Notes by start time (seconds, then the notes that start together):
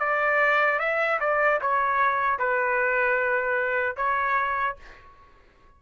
0.00 D5
0.80 E5
1.20 D5
1.61 C#5
2.39 B4
3.97 C#5